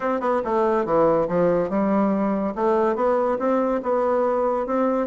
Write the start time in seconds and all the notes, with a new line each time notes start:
0.00 C4
0.20 B3
0.44 A3
0.85 E3
1.28 F3
1.69 G3
2.55 A3
2.95 B3
3.38 C4
3.82 B3
4.66 C4